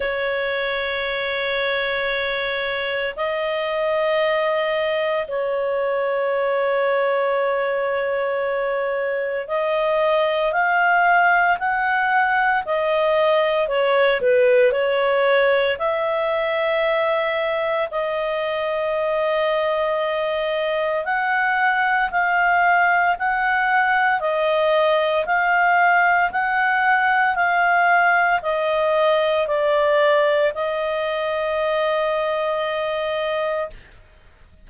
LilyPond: \new Staff \with { instrumentName = "clarinet" } { \time 4/4 \tempo 4 = 57 cis''2. dis''4~ | dis''4 cis''2.~ | cis''4 dis''4 f''4 fis''4 | dis''4 cis''8 b'8 cis''4 e''4~ |
e''4 dis''2. | fis''4 f''4 fis''4 dis''4 | f''4 fis''4 f''4 dis''4 | d''4 dis''2. | }